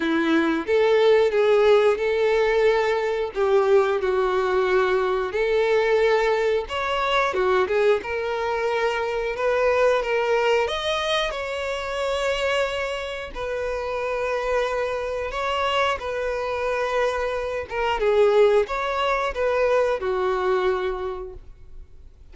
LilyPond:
\new Staff \with { instrumentName = "violin" } { \time 4/4 \tempo 4 = 90 e'4 a'4 gis'4 a'4~ | a'4 g'4 fis'2 | a'2 cis''4 fis'8 gis'8 | ais'2 b'4 ais'4 |
dis''4 cis''2. | b'2. cis''4 | b'2~ b'8 ais'8 gis'4 | cis''4 b'4 fis'2 | }